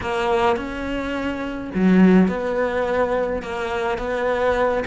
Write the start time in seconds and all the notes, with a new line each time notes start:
0.00 A#3
0.56 C#4
1.74 F#3
2.28 B3
3.42 A#3
3.98 B3